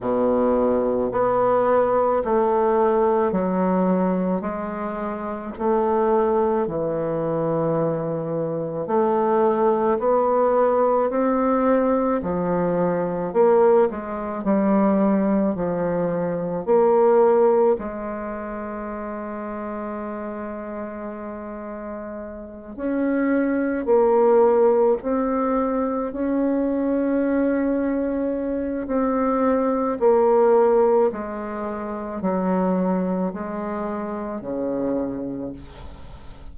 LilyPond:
\new Staff \with { instrumentName = "bassoon" } { \time 4/4 \tempo 4 = 54 b,4 b4 a4 fis4 | gis4 a4 e2 | a4 b4 c'4 f4 | ais8 gis8 g4 f4 ais4 |
gis1~ | gis8 cis'4 ais4 c'4 cis'8~ | cis'2 c'4 ais4 | gis4 fis4 gis4 cis4 | }